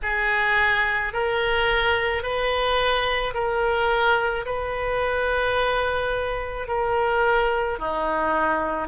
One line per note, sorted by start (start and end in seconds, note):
0.02 1.13 G#4
1.13 2.22 A#4
2.22 3.33 B4
3.33 4.44 A#4
4.45 6.67 B4
6.67 7.78 A#4
7.78 8.88 D#4